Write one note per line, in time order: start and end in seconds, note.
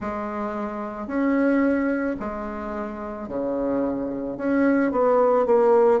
0.00 1.07 G#3
1.07 2.16 C#4
2.19 3.28 G#3
3.28 4.37 C#3
4.37 4.91 C#4
4.91 5.45 B3
5.45 6.00 A#3